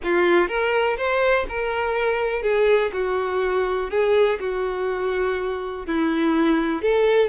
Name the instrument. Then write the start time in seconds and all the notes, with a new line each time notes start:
violin
0.03 F4
0.48 A#4
0.97 C5
1.49 A#4
2.42 G#4
2.92 F#4
3.90 G#4
4.40 F#4
5.86 E4
6.82 A4